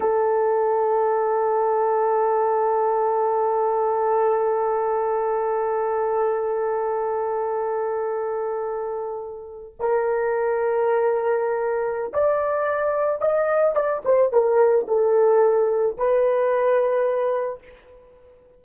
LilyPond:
\new Staff \with { instrumentName = "horn" } { \time 4/4 \tempo 4 = 109 a'1~ | a'1~ | a'1~ | a'1~ |
a'4.~ a'16 ais'2~ ais'16~ | ais'2 d''2 | dis''4 d''8 c''8 ais'4 a'4~ | a'4 b'2. | }